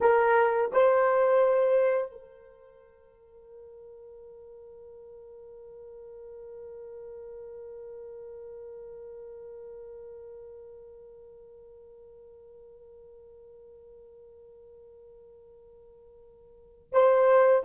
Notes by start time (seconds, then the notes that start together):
0.00 A#4
0.72 C5
2.11 A#4
16.92 C5